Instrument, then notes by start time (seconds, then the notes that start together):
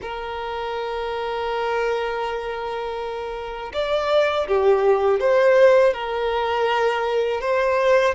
violin
0.02 A#4
3.73 D5
4.47 G4
5.20 C5
5.93 A#4
7.40 C5